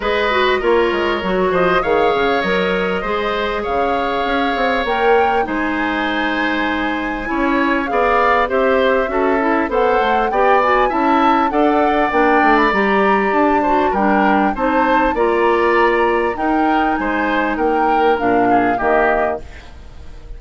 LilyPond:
<<
  \new Staff \with { instrumentName = "flute" } { \time 4/4 \tempo 4 = 99 dis''4 cis''4. dis''8 f''4 | dis''2 f''2 | g''4 gis''2.~ | gis''4 f''4 e''2 |
fis''4 g''8 gis''8 a''4 fis''4 | g''8. b''16 ais''4 a''4 g''4 | a''4 ais''2 g''4 | gis''4 g''4 f''4 dis''4 | }
  \new Staff \with { instrumentName = "oboe" } { \time 4/4 b'4 ais'4. c''8 cis''4~ | cis''4 c''4 cis''2~ | cis''4 c''2. | cis''4 d''4 c''4 a'4 |
c''4 d''4 e''4 d''4~ | d''2~ d''8 c''8 ais'4 | c''4 d''2 ais'4 | c''4 ais'4. gis'8 g'4 | }
  \new Staff \with { instrumentName = "clarinet" } { \time 4/4 gis'8 fis'8 f'4 fis'4 gis'4 | ais'4 gis'2. | ais'4 dis'2. | e'4 gis'4 g'4 fis'8 e'8 |
a'4 g'8 fis'8 e'4 a'4 | d'4 g'4. fis'8 d'4 | dis'4 f'2 dis'4~ | dis'2 d'4 ais4 | }
  \new Staff \with { instrumentName = "bassoon" } { \time 4/4 gis4 ais8 gis8 fis8 f8 dis8 cis8 | fis4 gis4 cis4 cis'8 c'8 | ais4 gis2. | cis'4 b4 c'4 cis'4 |
b8 a8 b4 cis'4 d'4 | ais8 a8 g4 d'4 g4 | c'4 ais2 dis'4 | gis4 ais4 ais,4 dis4 | }
>>